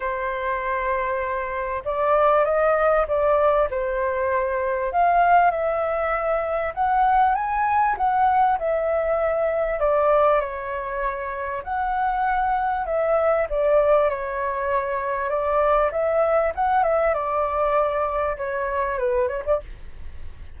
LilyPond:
\new Staff \with { instrumentName = "flute" } { \time 4/4 \tempo 4 = 98 c''2. d''4 | dis''4 d''4 c''2 | f''4 e''2 fis''4 | gis''4 fis''4 e''2 |
d''4 cis''2 fis''4~ | fis''4 e''4 d''4 cis''4~ | cis''4 d''4 e''4 fis''8 e''8 | d''2 cis''4 b'8 cis''16 d''16 | }